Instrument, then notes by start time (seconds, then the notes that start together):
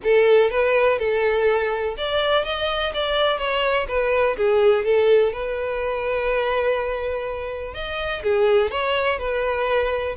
violin
0.03 A4
0.50 B4
0.99 A4
1.97 D5
2.44 D#5
2.93 D5
3.38 C#5
3.88 B4
4.37 G#4
4.85 A4
5.32 B4
7.74 D#5
8.22 G#4
8.70 C#5
9.18 B4